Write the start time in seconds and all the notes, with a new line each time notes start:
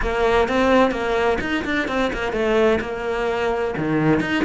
0.01 A#3
0.48 C4
0.91 A#3
1.41 D#4
1.64 D4
1.87 C4
2.13 A#3
2.32 A3
2.80 A#3
3.77 D#3
4.20 D#4